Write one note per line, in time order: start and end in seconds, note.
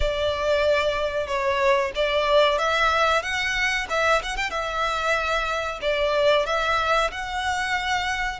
0.00 1.27 D5
1.27 1.91 C#5
1.95 2.58 D5
2.58 3.22 E5
3.22 3.87 F#5
3.89 4.22 E5
4.22 4.36 F#5
4.36 4.50 G5
4.50 5.79 E5
5.81 6.46 D5
6.46 7.10 E5
7.11 8.39 F#5